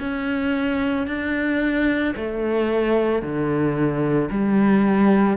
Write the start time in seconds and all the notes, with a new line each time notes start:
0.00 C#4
1.07 D4
2.16 A3
3.22 D3
4.31 G3